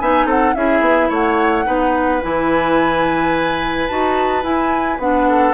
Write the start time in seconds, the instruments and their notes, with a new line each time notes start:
0.00 bassoon B3, clarinet D#4, oboe E5, flute G#5
0.26 bassoon C4, oboe A4, flute F#5
0.55 bassoon C#4, clarinet E4, oboe G#4, flute E5
0.81 bassoon B3
1.10 bassoon A3, oboe C#5, flute F#5
1.65 bassoon B3, clarinet D#4, oboe B4
2.22 bassoon E3, clarinet E4, flute G#5
3.87 bassoon D#4, clarinet F#4, flute A5
4.43 clarinet E4, bassoon E4, flute G#5
4.99 bassoon B3, clarinet D4, flute F#5
5.29 oboe A4